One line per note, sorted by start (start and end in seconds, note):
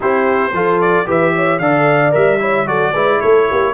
0.00 0.52 C4
0.00 0.52 E4
0.00 0.54 G4
0.00 0.81 C5
0.52 1.06 F3
0.52 1.05 F4
0.52 1.07 A4
0.81 1.07 D5
1.05 1.59 E3
1.05 1.59 G4
1.05 1.34 B4
1.05 1.58 E5
1.35 1.60 C#5
1.58 2.13 D3
1.58 2.11 A4
1.58 2.40 D5
1.58 2.12 F5
2.11 2.66 G3
2.11 2.38 A#4
2.11 2.67 E5
2.39 2.66 E4
2.39 2.67 C#5
2.66 2.92 F#3
2.66 2.93 F#4
2.66 2.93 A4
2.66 3.20 D5
2.93 3.19 G#3
2.93 3.74 E4
2.93 3.19 B4
3.20 3.50 A3
3.20 3.48 A4
3.20 3.74 C#5
3.48 3.74 A#3
3.48 3.74 G4